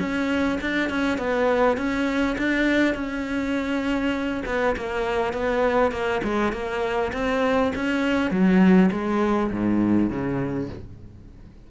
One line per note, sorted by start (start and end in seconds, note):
0.00 0.59 C#4
0.61 0.90 D4
0.90 1.19 C#4
1.19 1.77 B3
1.77 2.37 C#4
2.38 2.95 D4
2.95 4.43 C#4
4.46 4.76 B3
4.77 5.34 A#3
5.34 5.92 B3
5.92 6.22 A#3
6.24 6.53 G#3
6.53 7.12 A#3
7.13 7.73 C4
7.76 8.31 C#4
8.31 8.91 F#3
8.92 9.51 G#3
9.52 10.10 G#2
10.10 10.70 C#3